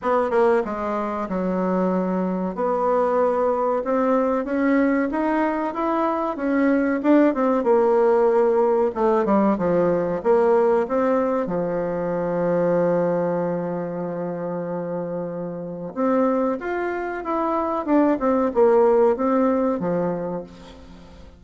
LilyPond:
\new Staff \with { instrumentName = "bassoon" } { \time 4/4 \tempo 4 = 94 b8 ais8 gis4 fis2 | b2 c'4 cis'4 | dis'4 e'4 cis'4 d'8 c'8 | ais2 a8 g8 f4 |
ais4 c'4 f2~ | f1~ | f4 c'4 f'4 e'4 | d'8 c'8 ais4 c'4 f4 | }